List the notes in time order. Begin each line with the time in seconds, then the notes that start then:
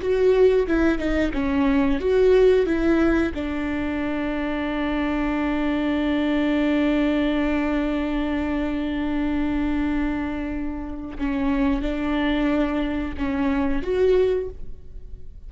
0.00 F#4
0.67 E4
0.98 D#4
1.33 C#4
1.99 F#4
2.65 E4
3.34 D4
11.18 C#4
11.81 D4
13.17 C#4
13.82 F#4